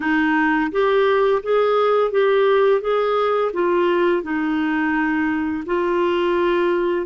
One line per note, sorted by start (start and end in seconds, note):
0.00 0.71 D#4
0.71 1.41 G4
1.42 2.11 G#4
2.11 2.81 G4
2.81 3.51 G#4
3.53 4.22 F4
4.22 5.63 D#4
5.65 7.06 F4